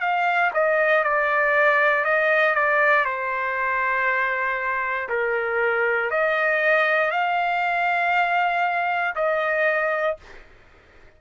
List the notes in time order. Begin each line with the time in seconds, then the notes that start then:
0.00 F5
0.54 D#5
1.04 D5
2.04 D#5
2.55 D5
3.05 C5
5.09 A#4
6.10 D#5
7.11 F5
9.15 D#5